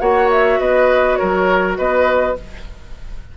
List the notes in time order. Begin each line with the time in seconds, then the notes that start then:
0.00 A#3 F#4 C#5 F#5
0.31 E5
0.60 B3 B4 D#5
1.16 A#4 C#5
1.22 F#3
1.78 B3 B4 D#5